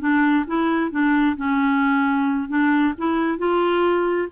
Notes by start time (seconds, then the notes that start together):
0.00 D4
0.47 E4
0.91 D4
1.37 C#4
2.49 D4
2.98 E4
3.38 F4